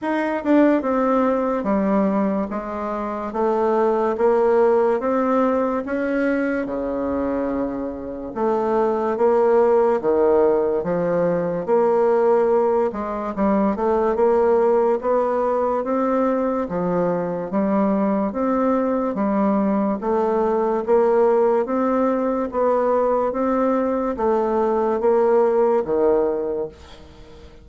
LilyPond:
\new Staff \with { instrumentName = "bassoon" } { \time 4/4 \tempo 4 = 72 dis'8 d'8 c'4 g4 gis4 | a4 ais4 c'4 cis'4 | cis2 a4 ais4 | dis4 f4 ais4. gis8 |
g8 a8 ais4 b4 c'4 | f4 g4 c'4 g4 | a4 ais4 c'4 b4 | c'4 a4 ais4 dis4 | }